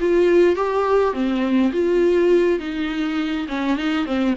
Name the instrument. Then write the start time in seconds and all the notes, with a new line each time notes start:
viola
0.00 F4
0.55 G4
1.13 C4
1.73 F4
2.59 D#4
3.48 C#4
3.77 D#4
4.05 C4